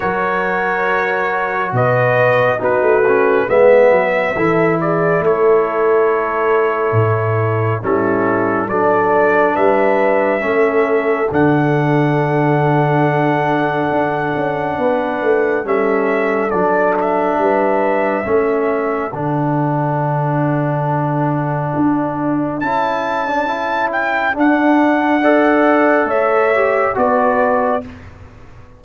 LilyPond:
<<
  \new Staff \with { instrumentName = "trumpet" } { \time 4/4 \tempo 4 = 69 cis''2 dis''4 b'4 | e''4. d''8 cis''2~ | cis''4 a'4 d''4 e''4~ | e''4 fis''2.~ |
fis''2 e''4 d''8 e''8~ | e''2 fis''2~ | fis''2 a''4. g''8 | fis''2 e''4 d''4 | }
  \new Staff \with { instrumentName = "horn" } { \time 4/4 ais'2 b'4 fis'4 | b'4 a'8 gis'8 a'2~ | a'4 e'4 a'4 b'4 | a'1~ |
a'4 b'4 a'2 | b'4 a'2.~ | a'1~ | a'4 d''4 cis''4 b'4 | }
  \new Staff \with { instrumentName = "trombone" } { \time 4/4 fis'2. dis'8 cis'8 | b4 e'2.~ | e'4 cis'4 d'2 | cis'4 d'2.~ |
d'2 cis'4 d'4~ | d'4 cis'4 d'2~ | d'2 e'8. d'16 e'4 | d'4 a'4. g'8 fis'4 | }
  \new Staff \with { instrumentName = "tuba" } { \time 4/4 fis2 b,4 b16 a8. | gis8 fis8 e4 a2 | a,4 g4 fis4 g4 | a4 d2. |
d'8 cis'8 b8 a8 g4 fis4 | g4 a4 d2~ | d4 d'4 cis'2 | d'2 a4 b4 | }
>>